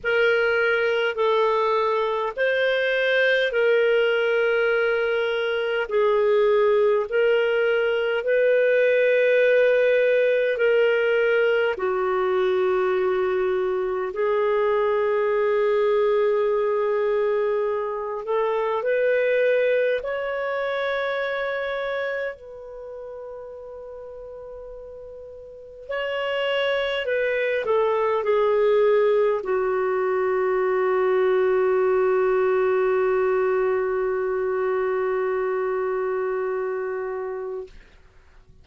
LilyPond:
\new Staff \with { instrumentName = "clarinet" } { \time 4/4 \tempo 4 = 51 ais'4 a'4 c''4 ais'4~ | ais'4 gis'4 ais'4 b'4~ | b'4 ais'4 fis'2 | gis'2.~ gis'8 a'8 |
b'4 cis''2 b'4~ | b'2 cis''4 b'8 a'8 | gis'4 fis'2.~ | fis'1 | }